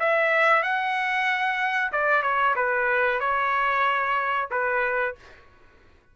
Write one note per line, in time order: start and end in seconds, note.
0.00 0.63 E5
0.63 1.92 F#5
1.92 2.23 D5
2.23 2.55 C#5
2.56 3.20 B4
3.20 4.49 C#5
4.51 5.16 B4